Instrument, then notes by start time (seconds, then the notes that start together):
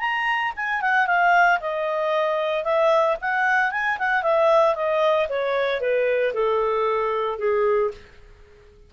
clarinet
0.00 A#5
0.56 G#5
0.82 F#5
1.07 F5
1.60 D#5
2.64 E5
3.21 F#5
3.71 G#5
3.99 F#5
4.22 E5
4.75 D#5
5.29 C#5
5.80 B4
6.34 A4
7.39 G#4